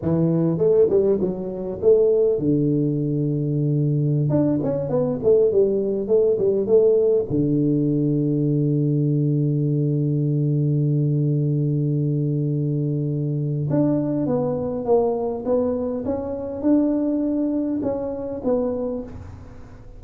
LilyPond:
\new Staff \with { instrumentName = "tuba" } { \time 4/4 \tempo 4 = 101 e4 a8 g8 fis4 a4 | d2.~ d16 d'8 cis'16~ | cis'16 b8 a8 g4 a8 g8 a8.~ | a16 d2.~ d8.~ |
d1~ | d2. d'4 | b4 ais4 b4 cis'4 | d'2 cis'4 b4 | }